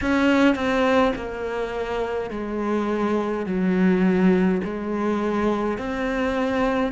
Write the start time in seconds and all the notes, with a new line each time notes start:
0.01 C#4
0.55 C4
1.15 A#3
2.30 G#3
3.46 F#3
4.64 G#3
5.77 C4